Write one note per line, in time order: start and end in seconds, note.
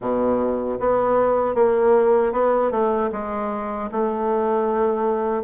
0.00 0.78 B2
0.79 1.54 B3
1.54 2.32 A#3
2.32 2.71 B3
2.71 3.10 A3
3.12 3.90 G#3
3.91 5.43 A3